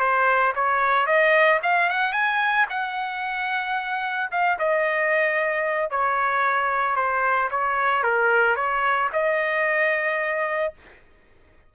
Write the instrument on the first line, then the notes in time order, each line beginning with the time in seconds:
trumpet
0.00 C5
0.56 C#5
1.07 D#5
1.63 F5
1.90 F#5
2.13 G#5
2.70 F#5
4.32 F5
4.59 D#5
5.91 C#5
6.96 C5
7.51 C#5
8.04 A#4
8.56 C#5
9.13 D#5